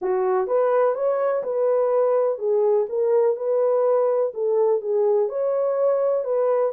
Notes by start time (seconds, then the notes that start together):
0.01 F#4
0.47 B4
0.94 C#5
1.43 B4
2.38 G#4
2.89 A#4
3.36 B4
4.34 A4
4.81 G#4
5.28 C#5
6.24 B4